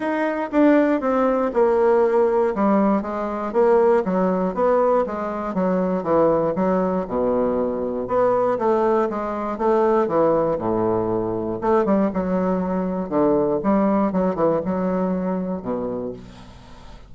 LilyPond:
\new Staff \with { instrumentName = "bassoon" } { \time 4/4 \tempo 4 = 119 dis'4 d'4 c'4 ais4~ | ais4 g4 gis4 ais4 | fis4 b4 gis4 fis4 | e4 fis4 b,2 |
b4 a4 gis4 a4 | e4 a,2 a8 g8 | fis2 d4 g4 | fis8 e8 fis2 b,4 | }